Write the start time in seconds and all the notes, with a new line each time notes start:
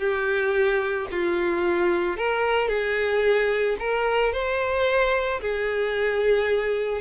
0.00 G4
1.11 F4
2.18 A#4
2.69 G#4
3.80 A#4
4.33 C5
5.42 G#4